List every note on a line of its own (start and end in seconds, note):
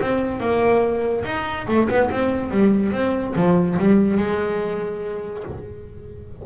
0.00 0.40 C4
0.40 1.24 A#3
1.25 1.66 D#4
1.67 1.88 A3
1.89 2.10 B3
2.11 2.51 C4
2.51 2.92 G3
2.92 3.34 C4
3.35 3.77 F3
3.79 4.17 G3
4.17 5.43 G#3